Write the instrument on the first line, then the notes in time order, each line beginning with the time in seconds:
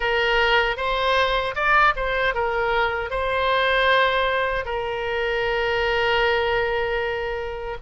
oboe
0.00 A#4
0.76 C5
1.55 D5
1.96 C5
2.34 A#4
3.10 C5
4.65 A#4